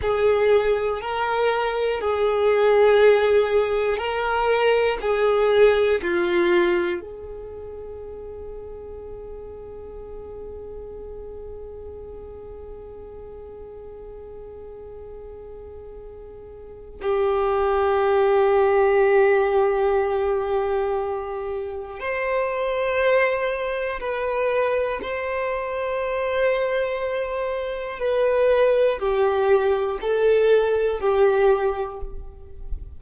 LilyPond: \new Staff \with { instrumentName = "violin" } { \time 4/4 \tempo 4 = 60 gis'4 ais'4 gis'2 | ais'4 gis'4 f'4 gis'4~ | gis'1~ | gis'1~ |
gis'4 g'2.~ | g'2 c''2 | b'4 c''2. | b'4 g'4 a'4 g'4 | }